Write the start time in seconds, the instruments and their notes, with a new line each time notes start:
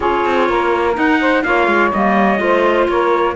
0.00 cello C#4, clarinet F4, saxophone G#4, trumpet C#5
0.25 cello C4
0.48 cello A#3, saxophone A#4
0.94 clarinet D#4, cello D#4, trumpet F#5
1.20 saxophone C5
1.43 cello A#3, clarinet F4, saxophone C#5, trumpet F5
1.67 cello G#3
1.92 cello G3, clarinet A#3, trumpet D#5
2.38 cello A3, clarinet F4, saxophone C5
2.88 cello A#3, saxophone A#4, trumpet C#5